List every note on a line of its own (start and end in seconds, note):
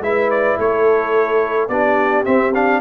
0.00 0.56 G#3
0.00 1.69 E4
0.00 0.58 B4
0.00 0.30 E5
0.30 0.58 D5
0.58 1.68 A3
0.58 1.69 A4
0.58 1.68 C#5
1.68 2.24 B3
1.68 2.25 D4
1.68 2.80 G4
1.68 2.24 D5
2.25 2.53 C4
2.25 2.80 C4
2.25 2.53 E5
2.54 2.80 D4
2.54 2.80 F5